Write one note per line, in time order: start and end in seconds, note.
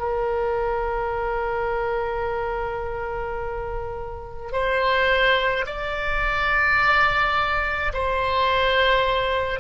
0.00 4.53 A#4
4.53 5.66 C5
5.67 7.93 D5
7.93 9.60 C5